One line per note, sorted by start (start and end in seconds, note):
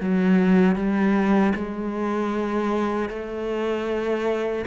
0.00 0.75 F#3
0.75 1.53 G3
1.55 3.09 G#3
3.09 4.65 A3